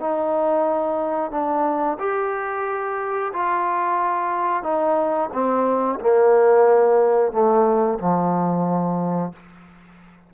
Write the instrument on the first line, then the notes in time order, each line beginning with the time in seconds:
trombone
0.00 D#4
1.31 D4
1.99 G4
3.33 F4
4.63 D#4
5.33 C4
6.00 A#3
7.32 A3
7.99 F3